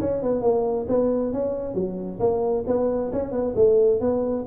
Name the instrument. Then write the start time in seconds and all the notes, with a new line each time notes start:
tuba
0.00 C#4
0.22 B3
0.41 A#3
0.88 B3
1.32 C#4
1.74 F#3
2.19 A#3
2.66 B3
3.12 C#4
3.31 B3
3.55 A3
4.00 B3